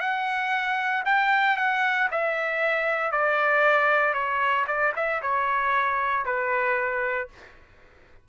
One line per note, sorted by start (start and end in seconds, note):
0.00 1.03 F#5
1.05 1.57 G5
1.57 2.09 F#5
2.12 3.12 E5
3.12 4.14 D5
4.14 4.66 C#5
4.67 4.93 D5
4.96 5.22 E5
5.22 6.25 C#5
6.25 7.29 B4